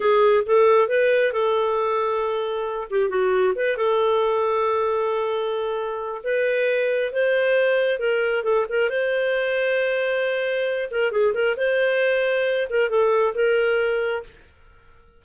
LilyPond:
\new Staff \with { instrumentName = "clarinet" } { \time 4/4 \tempo 4 = 135 gis'4 a'4 b'4 a'4~ | a'2~ a'8 g'8 fis'4 | b'8 a'2.~ a'8~ | a'2 b'2 |
c''2 ais'4 a'8 ais'8 | c''1~ | c''8 ais'8 gis'8 ais'8 c''2~ | c''8 ais'8 a'4 ais'2 | }